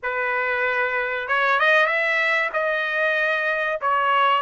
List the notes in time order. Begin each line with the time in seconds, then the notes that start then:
0.02 B4
1.27 C#5
1.59 D#5
1.86 E5
2.53 D#5
3.81 C#5